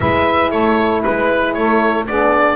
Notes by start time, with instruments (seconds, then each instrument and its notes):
0.00 double bass G#3, horn E4, saxophone B4, oboe E5
0.50 double bass A3, saxophone A4, oboe C#5
1.02 double bass G#3, oboe B4, saxophone B4
1.53 double bass A3, saxophone A4, oboe C#5
2.06 double bass B3, horn D4, saxophone G#4, oboe D5